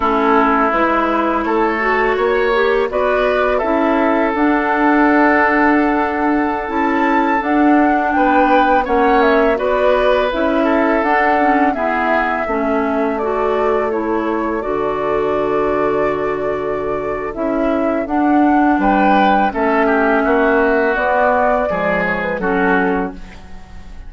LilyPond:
<<
  \new Staff \with { instrumentName = "flute" } { \time 4/4 \tempo 4 = 83 a'4 b'4 cis''2 | d''4 e''4 fis''2~ | fis''4~ fis''16 a''4 fis''4 g''8.~ | g''16 fis''8 e''8 d''4 e''4 fis''8.~ |
fis''16 e''2 d''4 cis''8.~ | cis''16 d''2.~ d''8. | e''4 fis''4 g''4 e''4~ | e''4 d''4. cis''16 b'16 a'4 | }
  \new Staff \with { instrumentName = "oboe" } { \time 4/4 e'2 a'4 cis''4 | b'4 a'2.~ | a'2.~ a'16 b'8.~ | b'16 cis''4 b'4. a'4~ a'16~ |
a'16 gis'4 a'2~ a'8.~ | a'1~ | a'2 b'4 a'8 g'8 | fis'2 gis'4 fis'4 | }
  \new Staff \with { instrumentName = "clarinet" } { \time 4/4 cis'4 e'4. fis'4 g'8 | fis'4 e'4 d'2~ | d'4~ d'16 e'4 d'4.~ d'16~ | d'16 cis'4 fis'4 e'4 d'8 cis'16~ |
cis'16 b4 cis'4 fis'4 e'8.~ | e'16 fis'2.~ fis'8. | e'4 d'2 cis'4~ | cis'4 b4 gis4 cis'4 | }
  \new Staff \with { instrumentName = "bassoon" } { \time 4/4 a4 gis4 a4 ais4 | b4 cis'4 d'2~ | d'4~ d'16 cis'4 d'4 b8.~ | b16 ais4 b4 cis'4 d'8.~ |
d'16 e'4 a2~ a8.~ | a16 d2.~ d8. | cis'4 d'4 g4 a4 | ais4 b4 f4 fis4 | }
>>